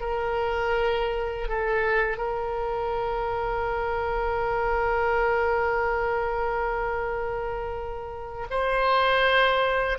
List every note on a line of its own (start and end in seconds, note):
0.00 1.48 A#4
1.48 2.17 A4
2.17 8.46 A#4
8.49 9.98 C5